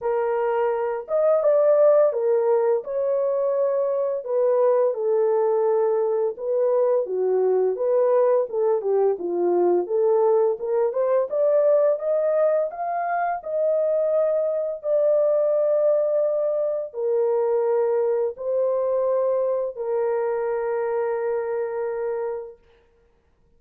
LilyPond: \new Staff \with { instrumentName = "horn" } { \time 4/4 \tempo 4 = 85 ais'4. dis''8 d''4 ais'4 | cis''2 b'4 a'4~ | a'4 b'4 fis'4 b'4 | a'8 g'8 f'4 a'4 ais'8 c''8 |
d''4 dis''4 f''4 dis''4~ | dis''4 d''2. | ais'2 c''2 | ais'1 | }